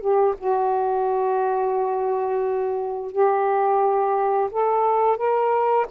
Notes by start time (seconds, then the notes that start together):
0.00 G4
0.38 F#4
3.11 G4
4.50 A4
5.17 A#4